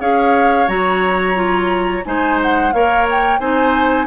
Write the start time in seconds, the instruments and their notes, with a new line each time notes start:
0.00 bassoon C#4, clarinet G#4, oboe C#5, flute F5
0.68 bassoon F#3, clarinet F#4, flute A#5
1.35 clarinet F4
2.05 bassoon G#3, clarinet D#4, oboe C5, flute G#5
2.43 flute F#5
2.73 bassoon A#3, clarinet A#4, oboe C#5, flute F5
3.11 flute G5
3.39 bassoon C4, clarinet D#4, oboe C5, flute G#5